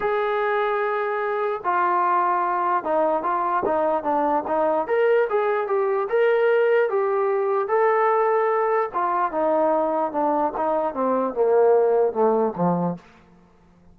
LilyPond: \new Staff \with { instrumentName = "trombone" } { \time 4/4 \tempo 4 = 148 gis'1 | f'2. dis'4 | f'4 dis'4 d'4 dis'4 | ais'4 gis'4 g'4 ais'4~ |
ais'4 g'2 a'4~ | a'2 f'4 dis'4~ | dis'4 d'4 dis'4 c'4 | ais2 a4 f4 | }